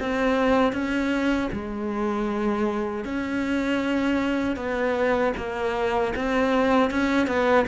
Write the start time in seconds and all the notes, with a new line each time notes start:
0.00 C4
0.73 C#4
1.52 G#3
3.05 C#4
4.56 B3
5.37 A#3
6.16 C4
6.91 C#4
7.27 B3